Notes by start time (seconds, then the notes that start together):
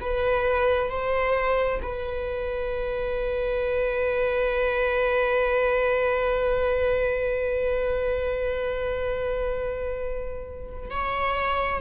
0.00 B4
0.89 C5
1.82 B4
10.90 C#5